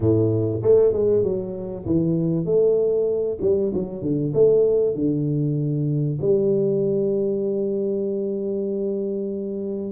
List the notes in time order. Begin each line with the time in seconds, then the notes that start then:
0.00 A2
0.62 A3
0.92 G#3
1.23 F#3
1.85 E3
2.45 A3
3.41 G3
3.74 F#3
4.01 D3
4.34 A3
4.95 D3
6.21 G3